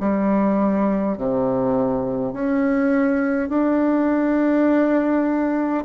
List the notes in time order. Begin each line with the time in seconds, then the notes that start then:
0.00 G3
1.18 C3
2.34 C#4
3.49 D4